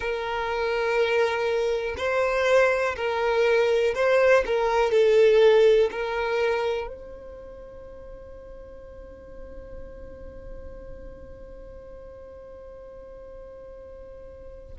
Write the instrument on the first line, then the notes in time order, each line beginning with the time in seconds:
violin
0.00 A#4
1.97 C5
2.96 A#4
3.94 C5
4.45 A#4
4.91 A4
5.91 A#4
6.87 C5